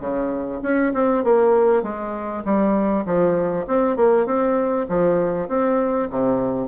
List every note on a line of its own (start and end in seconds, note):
0.00 0.61 C#3
0.63 0.93 C#4
0.94 1.24 C4
1.24 1.83 A#3
1.83 2.44 G#3
2.45 3.05 G3
3.06 3.66 F3
3.67 3.97 C4
3.97 4.26 A#3
4.26 4.87 C4
4.89 5.49 F3
5.49 6.09 C4
6.10 6.68 C3